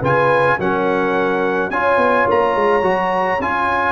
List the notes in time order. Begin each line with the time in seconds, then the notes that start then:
0.00 C#3 F4 B4 G#5
0.59 F#3 C#4 A#4 F#5
1.70 C#4 F4 C#5 G#5
1.97 B3
2.28 A#3 A#5
2.55 G#3
2.81 F#3 F#4
3.39 C#4 F4 G#5